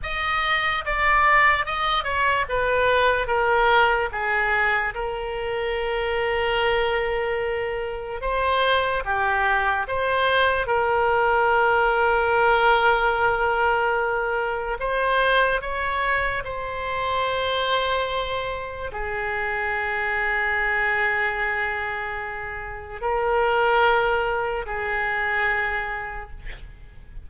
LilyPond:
\new Staff \with { instrumentName = "oboe" } { \time 4/4 \tempo 4 = 73 dis''4 d''4 dis''8 cis''8 b'4 | ais'4 gis'4 ais'2~ | ais'2 c''4 g'4 | c''4 ais'2.~ |
ais'2 c''4 cis''4 | c''2. gis'4~ | gis'1 | ais'2 gis'2 | }